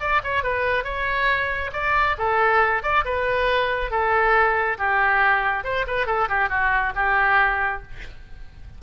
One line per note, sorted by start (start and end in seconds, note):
0.00 0.22 D5
0.24 0.43 C#5
0.43 0.84 B4
0.84 1.71 C#5
1.73 2.16 D5
2.18 2.83 A4
2.83 3.05 D5
3.05 3.91 B4
3.91 4.77 A4
4.78 5.64 G4
5.64 5.86 C5
5.87 6.07 B4
6.07 6.28 A4
6.29 6.49 G4
6.49 6.92 F#4
6.95 7.82 G4